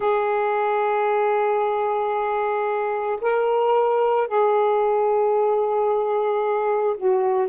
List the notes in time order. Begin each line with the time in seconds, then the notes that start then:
0.00 G#4
3.21 A#4
4.27 G#4
6.97 F#4